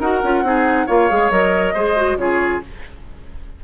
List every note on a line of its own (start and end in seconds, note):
0.00 0.22 D#4
0.00 0.24 F#4
0.00 0.44 A#4
0.00 0.88 F#5
0.24 0.43 C#4
0.24 0.45 F4
0.43 0.87 C4
0.43 0.88 D#4
0.43 0.87 G#4
0.87 1.11 A#3
0.87 1.10 F4
0.87 1.74 C#5
0.87 1.31 F5
1.10 1.31 G#3
1.10 1.32 G#4
1.31 1.74 F#3
1.31 1.75 A#4
1.31 2.18 D#5
1.74 2.17 G#3
1.74 1.97 G#4
1.74 2.18 C5
1.97 2.19 F#4
2.17 2.60 C#3
2.17 2.62 F4
2.17 2.65 G#4
2.17 2.61 C#5